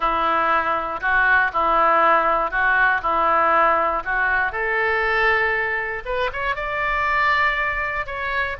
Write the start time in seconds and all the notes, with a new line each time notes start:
0.00 E4
1.00 F#4
1.53 E4
2.50 F#4
3.02 E4
4.05 F#4
4.52 A4
6.05 B4
6.32 C#5
6.55 D5
8.06 C#5